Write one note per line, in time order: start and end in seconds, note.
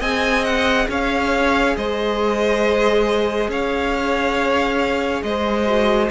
0.00 0.88 C4
0.00 5.66 G#4
0.00 0.87 D#5
0.00 0.45 G#5
0.45 0.88 F#5
0.89 1.76 C#4
0.89 1.77 C#5
0.89 1.77 F5
1.77 3.49 G#3
1.77 3.50 C5
1.77 3.51 D#5
3.49 5.22 C#4
3.49 5.24 C#5
3.49 5.23 F5
5.23 6.10 G#3
5.23 6.11 C5
5.23 6.10 D#5
5.66 6.09 F#4